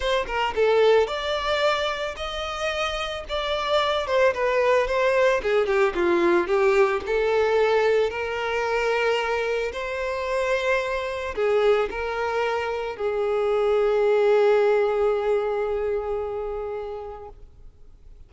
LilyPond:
\new Staff \with { instrumentName = "violin" } { \time 4/4 \tempo 4 = 111 c''8 ais'8 a'4 d''2 | dis''2 d''4. c''8 | b'4 c''4 gis'8 g'8 f'4 | g'4 a'2 ais'4~ |
ais'2 c''2~ | c''4 gis'4 ais'2 | gis'1~ | gis'1 | }